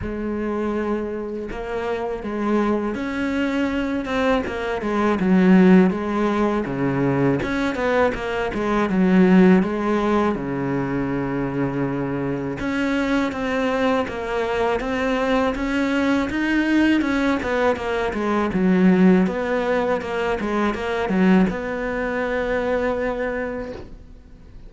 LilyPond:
\new Staff \with { instrumentName = "cello" } { \time 4/4 \tempo 4 = 81 gis2 ais4 gis4 | cis'4. c'8 ais8 gis8 fis4 | gis4 cis4 cis'8 b8 ais8 gis8 | fis4 gis4 cis2~ |
cis4 cis'4 c'4 ais4 | c'4 cis'4 dis'4 cis'8 b8 | ais8 gis8 fis4 b4 ais8 gis8 | ais8 fis8 b2. | }